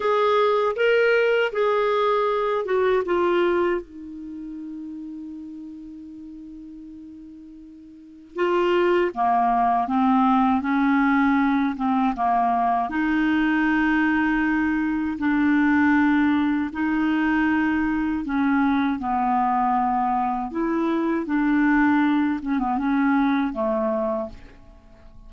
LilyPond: \new Staff \with { instrumentName = "clarinet" } { \time 4/4 \tempo 4 = 79 gis'4 ais'4 gis'4. fis'8 | f'4 dis'2.~ | dis'2. f'4 | ais4 c'4 cis'4. c'8 |
ais4 dis'2. | d'2 dis'2 | cis'4 b2 e'4 | d'4. cis'16 b16 cis'4 a4 | }